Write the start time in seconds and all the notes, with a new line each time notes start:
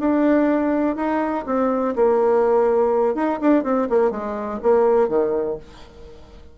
0.00 D4
0.96 D#4
1.47 C4
1.96 A#3
3.16 D#4
3.41 D4
3.64 C4
3.90 A#3
4.12 G#3
4.63 A#3
5.09 D#3